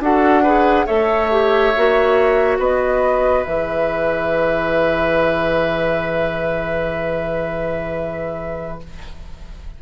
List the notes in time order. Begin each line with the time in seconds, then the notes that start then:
0.00 D4 F#4 A4 F#5
0.43 G#4 B4
0.86 A3 A4 C#5 E5
1.31 G4
1.77 A#3 F#4
2.59 B3 B4 D#5
3.43 E3 G#4 E5